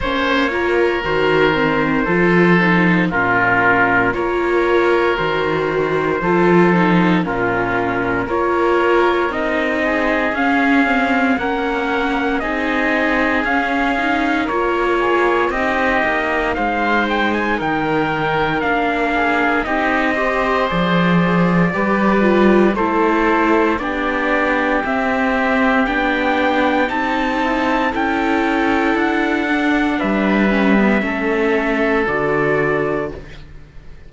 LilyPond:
<<
  \new Staff \with { instrumentName = "trumpet" } { \time 4/4 \tempo 4 = 58 cis''4 c''2 ais'4 | cis''4 c''2 ais'4 | cis''4 dis''4 f''4 fis''4 | dis''4 f''4 cis''4 dis''4 |
f''8 g''16 gis''16 g''4 f''4 dis''4 | d''2 c''4 d''4 | e''4 g''4 a''4 g''4 | fis''4 e''2 d''4 | }
  \new Staff \with { instrumentName = "oboe" } { \time 4/4 c''8 ais'4. a'4 f'4 | ais'2 a'4 f'4 | ais'4. gis'4. ais'4 | gis'2 ais'8 gis'8 g'4 |
c''4 ais'4. gis'8 g'8 c''8~ | c''4 b'4 a'4 g'4~ | g'2~ g'8 e'8 a'4~ | a'4 b'4 a'2 | }
  \new Staff \with { instrumentName = "viola" } { \time 4/4 cis'8 f'8 fis'8 c'8 f'8 dis'8 cis'4 | f'4 fis'4 f'8 dis'8 cis'4 | f'4 dis'4 cis'8 c'8 cis'4 | dis'4 cis'8 dis'8 f'4 dis'4~ |
dis'2 d'4 dis'8 g'8 | gis'4 g'8 f'8 e'4 d'4 | c'4 d'4 dis'4 e'4~ | e'8 d'4 cis'16 b16 cis'4 fis'4 | }
  \new Staff \with { instrumentName = "cello" } { \time 4/4 ais4 dis4 f4 ais,4 | ais4 dis4 f4 ais,4 | ais4 c'4 cis'4 ais4 | c'4 cis'4 ais4 c'8 ais8 |
gis4 dis4 ais4 c'4 | f4 g4 a4 b4 | c'4 b4 c'4 cis'4 | d'4 g4 a4 d4 | }
>>